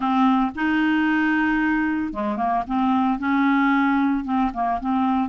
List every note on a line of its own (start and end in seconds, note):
0.00 0.51 C4
0.55 2.13 D#4
2.13 2.37 G#3
2.37 2.63 A#3
2.67 3.18 C4
3.18 4.24 C#4
4.24 4.51 C4
4.53 4.80 A#3
4.80 5.29 C4